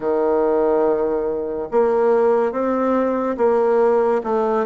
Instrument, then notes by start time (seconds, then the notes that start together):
bassoon
0.00 D#3
1.71 A#3
2.52 C4
3.36 A#3
4.23 A3